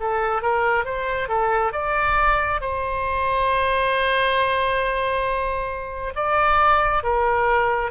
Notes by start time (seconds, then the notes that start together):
0.00 A4
0.42 A#4
0.84 C5
1.28 A4
1.72 D5
2.60 C5
6.15 D5
7.03 A#4